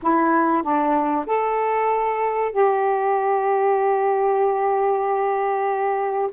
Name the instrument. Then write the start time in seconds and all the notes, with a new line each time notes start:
saxophone
0.02 E4
0.62 D4
1.26 A4
2.51 G4